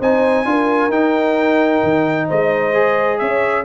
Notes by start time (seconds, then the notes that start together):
0.00 C4 D#4 C5 G#5
0.45 D4 F4 A#4
0.89 D#4 G5
1.83 D#3
2.27 G#3 C5 D#5
2.73 G#4
3.18 C#4 C#5 E5